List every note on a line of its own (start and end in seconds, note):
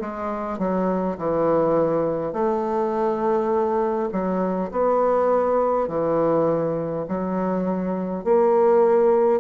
0.00 0.58 G#3
0.58 1.17 F#3
1.18 2.33 E3
2.33 4.09 A3
4.12 4.71 F#3
4.71 5.88 B3
5.88 7.05 E3
7.08 8.24 F#3
8.24 9.40 A#3